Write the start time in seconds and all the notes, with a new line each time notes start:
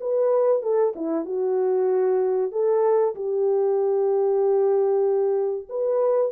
0.00 B4
0.62 A4
0.95 E4
1.25 F#4
2.51 A4
3.15 G4
5.69 B4